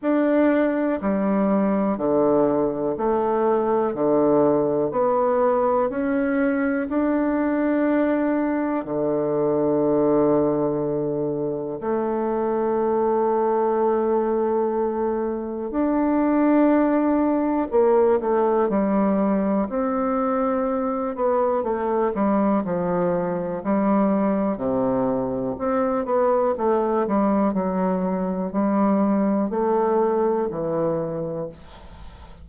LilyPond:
\new Staff \with { instrumentName = "bassoon" } { \time 4/4 \tempo 4 = 61 d'4 g4 d4 a4 | d4 b4 cis'4 d'4~ | d'4 d2. | a1 |
d'2 ais8 a8 g4 | c'4. b8 a8 g8 f4 | g4 c4 c'8 b8 a8 g8 | fis4 g4 a4 e4 | }